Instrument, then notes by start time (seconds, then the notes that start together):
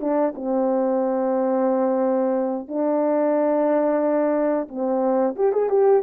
horn
0.00 D4
0.35 C4
2.68 D4
4.68 C4
5.35 G4
5.52 G#4
5.69 G4